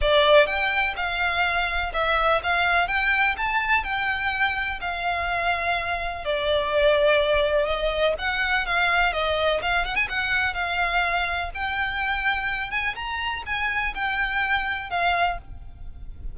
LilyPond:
\new Staff \with { instrumentName = "violin" } { \time 4/4 \tempo 4 = 125 d''4 g''4 f''2 | e''4 f''4 g''4 a''4 | g''2 f''2~ | f''4 d''2. |
dis''4 fis''4 f''4 dis''4 | f''8 fis''16 gis''16 fis''4 f''2 | g''2~ g''8 gis''8 ais''4 | gis''4 g''2 f''4 | }